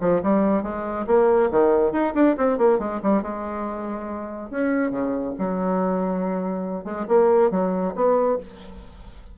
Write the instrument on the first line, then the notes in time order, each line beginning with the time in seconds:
bassoon
0.00 F3
0.23 G3
0.63 G#3
1.07 A#3
1.51 D#3
1.92 D#4
2.14 D4
2.37 C4
2.58 A#3
2.79 G#3
3.03 G3
3.22 G#3
4.50 C#4
4.91 C#3
5.38 F#3
6.84 G#3
7.08 A#3
7.51 F#3
7.95 B3